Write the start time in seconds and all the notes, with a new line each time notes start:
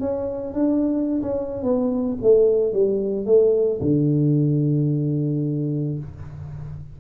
0.00 C#4
0.53 D4
1.22 C#4
1.63 B3
2.22 A3
2.73 G3
3.26 A3
3.81 D3